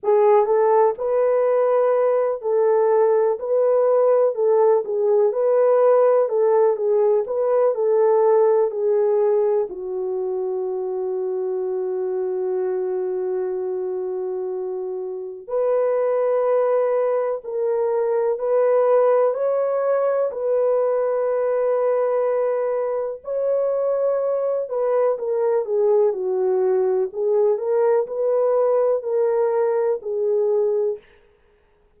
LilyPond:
\new Staff \with { instrumentName = "horn" } { \time 4/4 \tempo 4 = 62 gis'8 a'8 b'4. a'4 b'8~ | b'8 a'8 gis'8 b'4 a'8 gis'8 b'8 | a'4 gis'4 fis'2~ | fis'1 |
b'2 ais'4 b'4 | cis''4 b'2. | cis''4. b'8 ais'8 gis'8 fis'4 | gis'8 ais'8 b'4 ais'4 gis'4 | }